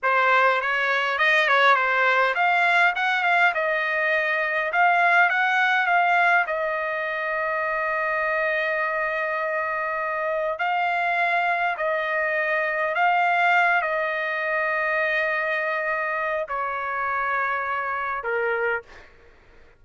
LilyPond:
\new Staff \with { instrumentName = "trumpet" } { \time 4/4 \tempo 4 = 102 c''4 cis''4 dis''8 cis''8 c''4 | f''4 fis''8 f''8 dis''2 | f''4 fis''4 f''4 dis''4~ | dis''1~ |
dis''2 f''2 | dis''2 f''4. dis''8~ | dis''1 | cis''2. ais'4 | }